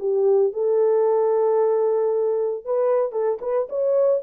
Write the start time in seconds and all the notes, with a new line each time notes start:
0.00 G4
0.53 A4
2.65 B4
3.13 A4
3.42 B4
3.70 C#5